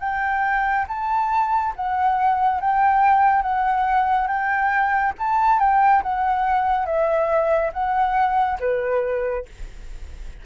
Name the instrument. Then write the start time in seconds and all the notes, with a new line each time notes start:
flute
0.00 G5
0.88 A5
1.76 F#5
2.61 G5
3.42 F#5
4.27 G5
5.19 A5
5.59 G5
6.03 F#5
6.86 E5
7.73 F#5
8.60 B4